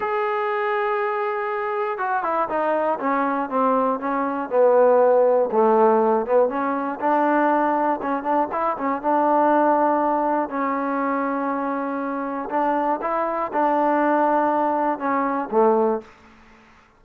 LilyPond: \new Staff \with { instrumentName = "trombone" } { \time 4/4 \tempo 4 = 120 gis'1 | fis'8 e'8 dis'4 cis'4 c'4 | cis'4 b2 a4~ | a8 b8 cis'4 d'2 |
cis'8 d'8 e'8 cis'8 d'2~ | d'4 cis'2.~ | cis'4 d'4 e'4 d'4~ | d'2 cis'4 a4 | }